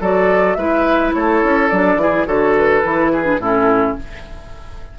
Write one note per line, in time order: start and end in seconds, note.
0.00 0.56 F#3
0.00 0.58 F#4
0.00 0.57 A4
0.00 0.54 D5
0.54 1.13 G#3
0.54 1.71 E4
0.54 1.14 B4
0.54 1.10 E5
1.13 1.43 A3
1.13 2.01 A4
1.13 1.68 C#5
1.43 1.71 C#4
1.68 1.96 F#3
1.68 1.99 D4
1.68 2.25 D5
1.96 2.24 E3
1.96 2.26 E4
1.96 2.27 G#4
2.26 2.83 D3
2.26 2.82 F#4
2.26 3.11 A4
2.26 2.55 C#5
2.56 3.41 B4
2.82 3.38 E3
2.82 3.23 E4
3.12 3.40 G#4
3.23 3.38 D4
3.38 3.94 A2
3.38 3.98 C#4
3.38 3.97 E4
3.38 3.98 A4